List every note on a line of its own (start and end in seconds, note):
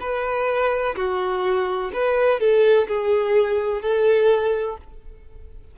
0.00 0.95 B4
0.95 1.90 F#4
1.93 2.39 B4
2.39 2.87 A4
2.87 3.81 G#4
3.81 4.77 A4